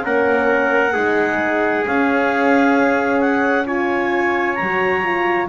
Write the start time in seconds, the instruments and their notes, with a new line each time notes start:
0.00 double bass A#3, horn C#4, trumpet A#4, clarinet F#5
0.93 double bass G#3, horn D#4, trumpet G#4
1.85 horn C#4, double bass C#4, clarinet F5
3.20 clarinet F#5
3.66 horn F4, trumpet C#5, clarinet G#5
4.55 double bass F#3, clarinet A#5
4.62 horn F#4
5.04 horn F4